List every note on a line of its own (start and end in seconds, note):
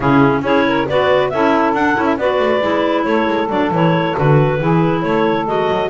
0.00 0.41 C#3
0.00 0.43 C#4
0.00 0.42 E4
0.00 0.42 G#4
0.41 0.85 C#4
0.41 0.86 E4
0.41 0.65 G#4
0.41 0.88 C#5
0.67 0.88 A#4
0.88 1.33 B3
0.88 1.33 F#4
0.88 1.32 B4
0.88 1.29 D5
1.29 1.73 C#4
1.29 1.76 E4
1.29 2.18 A4
1.29 1.73 E5
1.73 1.95 D4
1.73 2.05 F#5
1.95 2.17 C#4
1.95 2.17 E4
2.05 2.16 E5
2.17 2.39 B3
2.17 2.61 F#4
2.17 3.06 B4
2.17 3.04 D5
2.39 2.60 A3
2.60 3.04 G#3
2.60 3.48 E4
3.04 3.27 A3
3.04 4.59 A4
3.04 3.48 C#5
3.27 3.49 G#3
3.49 3.71 F#3
3.49 3.71 D4
3.49 3.71 D5
3.71 4.15 E3
3.71 4.15 E4
3.71 4.18 C#5
4.15 4.60 D3
4.15 4.59 F#4
4.15 5.02 B4
4.59 5.03 E3
4.59 5.46 E4
4.59 5.03 G#4
5.02 5.47 A3
5.02 5.89 A4
5.02 5.45 C#5
5.46 5.69 G#3
5.46 5.89 F#4
5.46 5.89 D#5
5.70 5.89 F#3